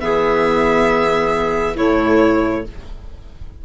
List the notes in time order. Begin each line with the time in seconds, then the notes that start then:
0.00 E3 B3 G#4 E5
1.76 A2 A3 E4 C#5